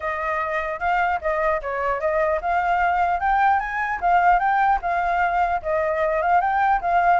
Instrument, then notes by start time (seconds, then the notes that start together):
flute
0.00 D#5
0.79 F5
1.21 D#5
1.61 C#5
2.00 D#5
2.41 F5
3.19 G5
3.59 G#5
4.01 F5
4.39 G5
4.81 F5
5.62 D#5
6.22 F5
6.41 G5
6.81 F5